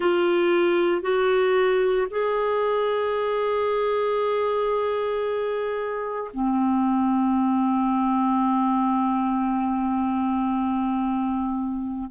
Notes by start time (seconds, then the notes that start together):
0.00 F4
1.02 F#4
2.10 G#4
6.33 C4